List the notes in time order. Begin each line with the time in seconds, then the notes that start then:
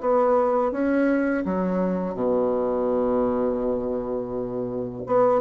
0.00 B3
0.72 C#4
1.45 F#3
2.14 B2
5.06 B3